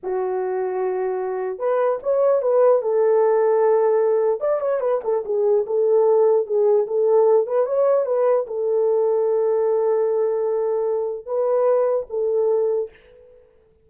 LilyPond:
\new Staff \with { instrumentName = "horn" } { \time 4/4 \tempo 4 = 149 fis'1 | b'4 cis''4 b'4 a'4~ | a'2. d''8 cis''8 | b'8 a'8 gis'4 a'2 |
gis'4 a'4. b'8 cis''4 | b'4 a'2.~ | a'1 | b'2 a'2 | }